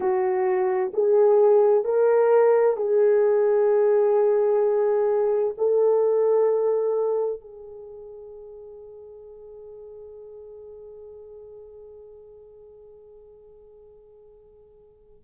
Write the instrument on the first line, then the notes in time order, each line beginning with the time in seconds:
horn
0.00 F#4
0.93 G#4
1.84 A#4
2.77 G#4
5.57 A4
7.40 G#4